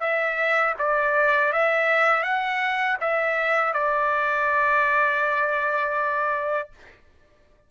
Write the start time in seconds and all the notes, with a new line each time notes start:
0.00 E5
0.78 D5
1.53 E5
2.23 F#5
3.01 E5
3.73 D5